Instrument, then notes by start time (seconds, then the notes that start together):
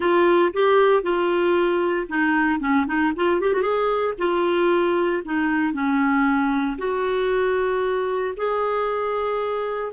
clarinet
0.00 F4
0.53 G4
1.02 F4
2.08 D#4
2.59 C#4
2.86 D#4
3.15 F4
3.40 G4
3.53 F#4
3.61 G#4
4.18 F4
5.24 D#4
5.72 C#4
6.78 F#4
8.36 G#4